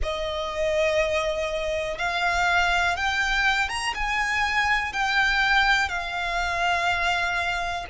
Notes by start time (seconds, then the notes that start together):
0.02 D#5
1.98 F5
2.96 G5
3.68 A#5
3.94 G#5
4.92 G5
5.88 F5